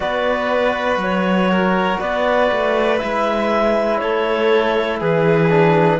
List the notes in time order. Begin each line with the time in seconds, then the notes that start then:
0.00 B3 F#4 B4 D5
0.96 F#3
1.02 C#5
1.50 A#4
2.00 B3 B4 D5
2.51 A3
2.98 G#3 E4 E5
3.98 A3 A4 C#5
5.00 E3 G#4 B4
5.49 D4